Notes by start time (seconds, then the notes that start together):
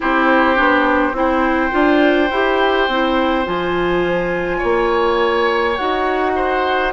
0.00 C4 E4 G4 C5
0.55 B3 D4
1.12 C4 E4 C5 G5
1.70 D4 F4
2.30 E4 G4
2.88 C4 E4
3.44 F3 F4 G#5
4.58 A#3 C#5
5.76 D#4 F#4 F#5
6.35 C5